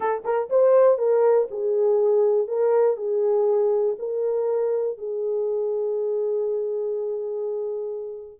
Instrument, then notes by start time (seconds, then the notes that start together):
horn
0.00 A4
0.24 A#4
0.49 C5
0.98 A#4
1.50 G#4
2.47 A#4
2.96 G#4
3.98 A#4
4.97 G#4